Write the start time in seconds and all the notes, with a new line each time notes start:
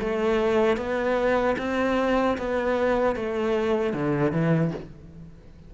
0.00 A3
0.77 B3
1.58 C4
2.38 B3
3.16 A3
3.93 D3
4.32 E3